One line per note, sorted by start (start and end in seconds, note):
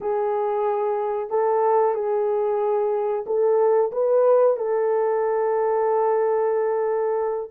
0.01 1.30 G#4
1.30 1.94 A4
1.94 3.24 G#4
3.26 3.91 A4
3.92 4.56 B4
4.56 7.50 A4